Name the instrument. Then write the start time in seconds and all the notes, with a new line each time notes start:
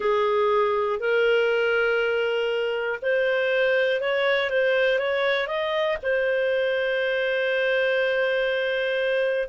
clarinet
0.00 G#4
1.00 A#4
3.01 C5
4.00 C#5
4.50 C5
4.99 C#5
5.47 D#5
6.02 C5